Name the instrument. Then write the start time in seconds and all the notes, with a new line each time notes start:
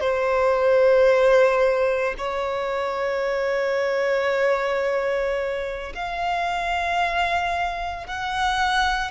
violin
0.00 C5
2.18 C#5
5.94 F5
8.07 F#5